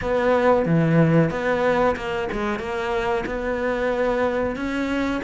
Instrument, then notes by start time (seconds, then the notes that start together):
cello
0.01 B3
0.65 E3
1.30 B3
1.96 A#3
2.32 G#3
2.59 A#3
3.25 B3
4.56 C#4